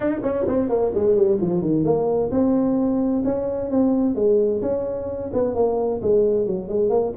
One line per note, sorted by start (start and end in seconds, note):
0.00 0.20 D#4
0.22 0.46 C#4
0.47 0.69 C4
0.69 0.92 A#3
0.94 1.15 G#3
1.15 1.38 G3
1.41 1.61 F3
1.61 1.84 D#3
1.84 2.30 A#3
2.31 3.23 C4
3.24 3.70 C#4
3.70 4.15 C4
4.15 4.61 G#3
4.61 5.30 C#4
5.33 5.54 B3
5.54 6.00 A#3
6.02 6.46 G#3
6.46 6.68 F#3
6.68 6.89 G#3
6.89 7.12 A#3